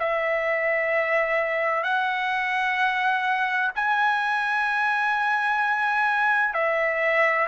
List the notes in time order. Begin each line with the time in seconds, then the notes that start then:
0.00 E5
1.84 F#5
3.76 G#5
6.54 E5